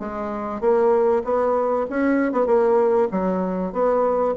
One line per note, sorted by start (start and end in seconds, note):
0.00 0.61 G#3
0.61 1.23 A#3
1.25 1.86 B3
1.90 2.33 C#4
2.33 2.47 B3
2.47 3.09 A#3
3.12 3.73 F#3
3.73 4.35 B3